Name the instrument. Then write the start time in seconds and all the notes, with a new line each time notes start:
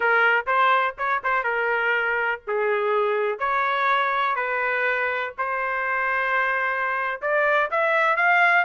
trumpet
0.00 A#4
0.46 C5
0.98 C#5
1.23 C5
1.43 A#4
2.47 G#4
3.38 C#5
4.35 B4
5.38 C5
7.21 D5
7.70 E5
8.16 F5